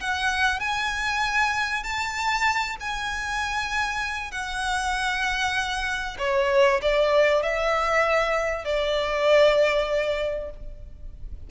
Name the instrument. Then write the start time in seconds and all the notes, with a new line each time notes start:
violin
0.00 F#5
0.59 G#5
1.83 A5
2.80 G#5
4.31 F#5
6.18 C#5
6.82 D5
7.42 E5
8.64 D5